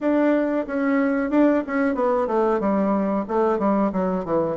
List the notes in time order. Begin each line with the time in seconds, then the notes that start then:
0.00 D4
0.66 C#4
1.30 D4
1.67 C#4
1.94 B3
2.27 A3
2.59 G3
3.28 A3
3.59 G3
3.92 F#3
4.25 E3